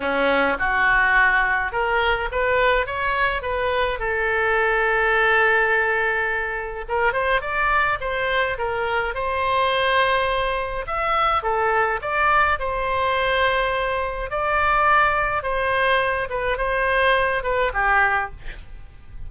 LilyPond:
\new Staff \with { instrumentName = "oboe" } { \time 4/4 \tempo 4 = 105 cis'4 fis'2 ais'4 | b'4 cis''4 b'4 a'4~ | a'1 | ais'8 c''8 d''4 c''4 ais'4 |
c''2. e''4 | a'4 d''4 c''2~ | c''4 d''2 c''4~ | c''8 b'8 c''4. b'8 g'4 | }